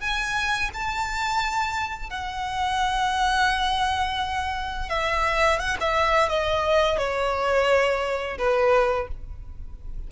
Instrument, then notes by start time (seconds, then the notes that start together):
violin
0.00 G#5
0.73 A5
2.10 F#5
4.89 E5
5.59 F#5
5.80 E5
6.28 D#5
6.97 C#5
8.38 B4